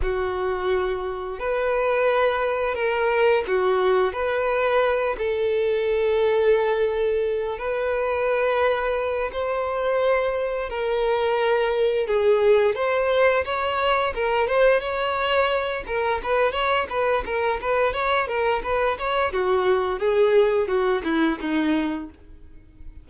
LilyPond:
\new Staff \with { instrumentName = "violin" } { \time 4/4 \tempo 4 = 87 fis'2 b'2 | ais'4 fis'4 b'4. a'8~ | a'2. b'4~ | b'4. c''2 ais'8~ |
ais'4. gis'4 c''4 cis''8~ | cis''8 ais'8 c''8 cis''4. ais'8 b'8 | cis''8 b'8 ais'8 b'8 cis''8 ais'8 b'8 cis''8 | fis'4 gis'4 fis'8 e'8 dis'4 | }